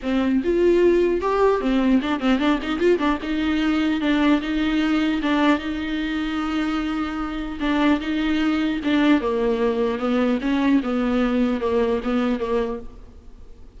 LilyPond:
\new Staff \with { instrumentName = "viola" } { \time 4/4 \tempo 4 = 150 c'4 f'2 g'4 | c'4 d'8 c'8 d'8 dis'8 f'8 d'8 | dis'2 d'4 dis'4~ | dis'4 d'4 dis'2~ |
dis'2. d'4 | dis'2 d'4 ais4~ | ais4 b4 cis'4 b4~ | b4 ais4 b4 ais4 | }